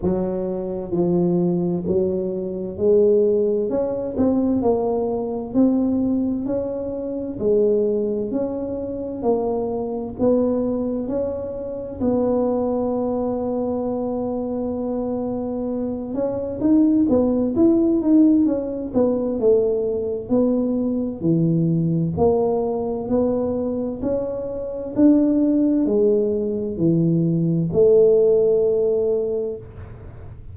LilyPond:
\new Staff \with { instrumentName = "tuba" } { \time 4/4 \tempo 4 = 65 fis4 f4 fis4 gis4 | cis'8 c'8 ais4 c'4 cis'4 | gis4 cis'4 ais4 b4 | cis'4 b2.~ |
b4. cis'8 dis'8 b8 e'8 dis'8 | cis'8 b8 a4 b4 e4 | ais4 b4 cis'4 d'4 | gis4 e4 a2 | }